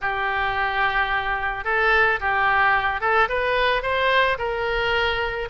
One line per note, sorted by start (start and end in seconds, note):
0.01 1.64 G4
1.64 2.19 A4
2.20 3.01 G4
3.01 3.28 A4
3.28 3.82 B4
3.82 4.37 C5
4.38 5.48 A#4